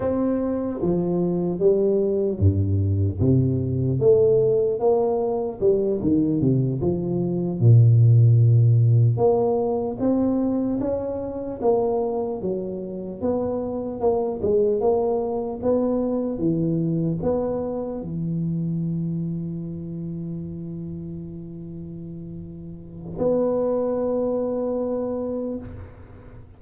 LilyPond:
\new Staff \with { instrumentName = "tuba" } { \time 4/4 \tempo 4 = 75 c'4 f4 g4 g,4 | c4 a4 ais4 g8 dis8 | c8 f4 ais,2 ais8~ | ais8 c'4 cis'4 ais4 fis8~ |
fis8 b4 ais8 gis8 ais4 b8~ | b8 e4 b4 e4.~ | e1~ | e4 b2. | }